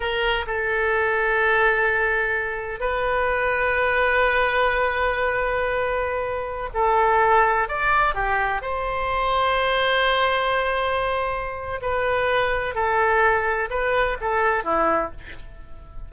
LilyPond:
\new Staff \with { instrumentName = "oboe" } { \time 4/4 \tempo 4 = 127 ais'4 a'2.~ | a'2 b'2~ | b'1~ | b'2~ b'16 a'4.~ a'16~ |
a'16 d''4 g'4 c''4.~ c''16~ | c''1~ | c''4 b'2 a'4~ | a'4 b'4 a'4 e'4 | }